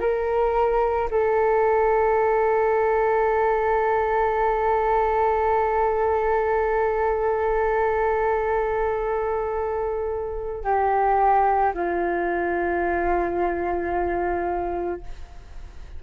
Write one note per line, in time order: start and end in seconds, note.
0.00 1.09 A#4
1.10 10.64 A4
10.64 11.73 G4
11.74 15.01 F4